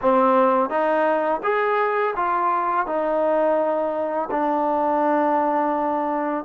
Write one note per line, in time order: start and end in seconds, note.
0.01 0.69 C4
0.69 1.41 D#4
1.43 2.14 G#4
2.16 2.86 F4
2.86 4.29 D#4
4.30 6.44 D4